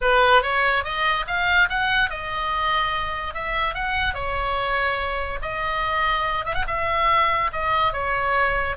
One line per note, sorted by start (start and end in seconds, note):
0.01 0.42 B4
0.42 0.84 C#5
0.84 1.25 D#5
1.27 1.68 F5
1.69 2.10 F#5
2.10 3.34 D#5
3.34 3.74 E5
3.74 4.14 F#5
4.14 5.39 C#5
5.41 6.45 D#5
6.45 6.54 E5
6.54 6.65 F#5
6.67 7.50 E5
7.52 7.93 D#5
7.93 8.76 C#5